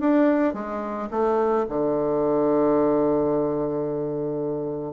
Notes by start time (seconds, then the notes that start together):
0.00 D4
0.54 G#3
1.11 A3
1.69 D3